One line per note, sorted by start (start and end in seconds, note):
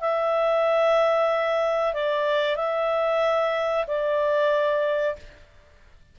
0.00 1.93 E5
1.93 2.56 D5
2.56 3.85 E5
3.87 5.16 D5